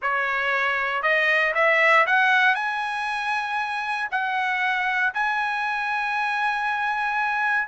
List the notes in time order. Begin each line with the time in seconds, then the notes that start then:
0.01 C#5
1.02 D#5
1.54 E5
2.06 F#5
2.54 G#5
4.11 F#5
5.14 G#5